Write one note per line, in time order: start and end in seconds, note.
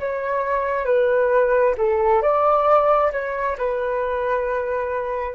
0.00 0.86 C#5
0.86 1.75 B4
1.78 2.23 A4
2.23 3.12 D5
3.12 3.57 C#5
3.59 5.35 B4